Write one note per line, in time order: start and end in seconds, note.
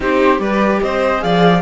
0.00 0.39 C4
0.00 0.38 D#4
0.00 0.41 G4
0.00 0.39 C5
0.38 0.80 G3
0.38 1.18 G4
0.38 0.81 B4
0.38 0.80 D5
0.81 1.23 C4
0.81 1.23 C5
0.81 1.22 D#5
1.18 1.61 F3
1.18 1.59 G#4
1.18 1.61 D5
1.18 1.61 F5